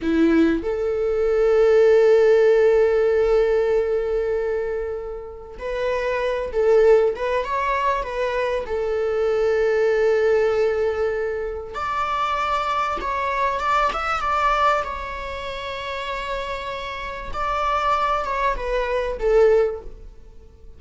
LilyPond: \new Staff \with { instrumentName = "viola" } { \time 4/4 \tempo 4 = 97 e'4 a'2.~ | a'1~ | a'4 b'4. a'4 b'8 | cis''4 b'4 a'2~ |
a'2. d''4~ | d''4 cis''4 d''8 e''8 d''4 | cis''1 | d''4. cis''8 b'4 a'4 | }